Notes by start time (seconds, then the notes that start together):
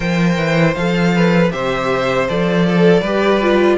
0.00 F3 A#4 C5 G5
0.37 E3
0.75 F3 A4 F5
1.15 B4
1.50 C3 G4 C5 E5
2.28 F3 A4 D5
2.65 A4
3.01 G3 G4 B4
3.41 F4